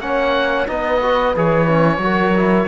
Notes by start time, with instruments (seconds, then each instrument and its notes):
0.00 cello A#3, trombone C#4, horn C#5, oboe F#5
0.68 cello B3, trombone D#4, horn B4, oboe D#5
1.02 trombone F#4
1.37 cello E3, trombone G#4, oboe C#5
1.68 trombone C#4
1.98 cello F#3, trombone F#4, horn A#4
2.37 trombone E4